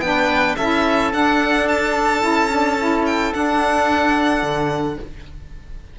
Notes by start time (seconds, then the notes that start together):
0.00 B3 D4 G5
0.06 B4
0.56 C#4 E4 A4 E5
1.12 D4 F#5
1.68 A5
2.21 C#4 E4
2.51 D4
2.79 E4
3.06 G5
3.33 D4 F#5
4.42 D3